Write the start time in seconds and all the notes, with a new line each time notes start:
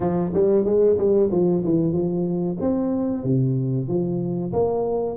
0.00 F3
0.33 G3
0.65 G#3
0.97 G3
1.31 F3
1.64 E3
1.92 F3
2.60 C4
3.23 C3
3.87 F3
4.52 A#3